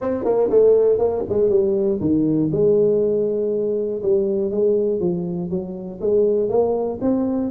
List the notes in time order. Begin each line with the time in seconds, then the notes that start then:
0.01 C4
0.24 A#3
0.50 A3
0.98 A#3
1.29 G#3
1.49 G3
2.00 D#3
2.52 G#3
4.02 G3
4.50 G#3
5.00 F3
5.50 F#3
6.00 G#3
6.49 A#3
7.01 C4